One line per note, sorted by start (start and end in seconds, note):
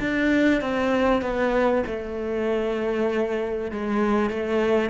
0.00 0.61 D4
0.61 1.22 C4
1.22 1.84 B3
1.86 3.71 A3
3.71 4.30 G#3
4.30 4.90 A3